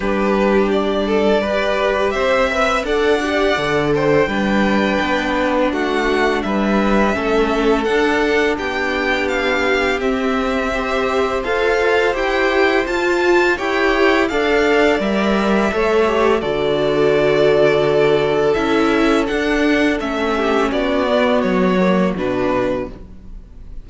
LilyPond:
<<
  \new Staff \with { instrumentName = "violin" } { \time 4/4 \tempo 4 = 84 b'4 d''2 e''4 | fis''4. g''2~ g''8 | fis''4 e''2 fis''4 | g''4 f''4 e''2 |
f''4 g''4 a''4 g''4 | f''4 e''2 d''4~ | d''2 e''4 fis''4 | e''4 d''4 cis''4 b'4 | }
  \new Staff \with { instrumentName = "violin" } { \time 4/4 g'4. a'8 b'4 c''8 e''8 | d''4. c''8 b'2 | fis'4 b'4 a'2 | g'2. c''4~ |
c''2. cis''4 | d''2 cis''4 a'4~ | a'1~ | a'8 g'8 fis'2. | }
  \new Staff \with { instrumentName = "viola" } { \time 4/4 d'2 g'4. b'8 | a'8 g'8 a'4 d'2~ | d'2 cis'4 d'4~ | d'2 c'4 g'4 |
a'4 g'4 f'4 g'4 | a'4 ais'4 a'8 g'8 fis'4~ | fis'2 e'4 d'4 | cis'4. b4 ais8 d'4 | }
  \new Staff \with { instrumentName = "cello" } { \time 4/4 g2. c'4 | d'4 d4 g4 b4 | a4 g4 a4 d'4 | b2 c'2 |
f'4 e'4 f'4 e'4 | d'4 g4 a4 d4~ | d2 cis'4 d'4 | a4 b4 fis4 b,4 | }
>>